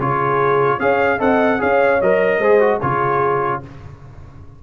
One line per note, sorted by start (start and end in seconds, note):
0.00 0.80 C#3
0.00 0.80 F4
0.00 0.77 G#4
0.00 0.80 C#5
0.77 1.20 C#4
0.77 1.19 G#4
0.77 1.17 C#5
0.77 1.21 F5
1.18 1.61 C4
1.18 1.59 A4
1.18 1.58 D#5
1.18 1.62 F#5
1.59 2.02 C#4
1.59 1.99 G#4
1.59 2.40 C#5
1.59 2.02 F5
2.02 2.39 F#3
2.02 2.43 A#4
2.02 2.81 D#5
2.39 2.79 G#3
2.39 2.61 G#4
2.39 2.80 C5
2.61 2.81 F#4
2.81 3.64 C#3
2.81 3.63 F4
2.81 3.62 G#4
2.81 3.62 C#5